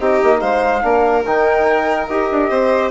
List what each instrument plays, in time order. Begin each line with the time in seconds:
0.00 bassoon C4, trombone D#4, violin G4, flute D#5
0.24 bassoon A#3
0.41 bassoon G#3, violin C5, flute F5
0.82 bassoon A#3, trombone D4, violin A#4
1.26 bassoon D#3, trombone D#4, flute G5
2.07 bassoon D#4, trombone G4, flute D#5
2.31 bassoon D4
2.50 bassoon C4, violin C5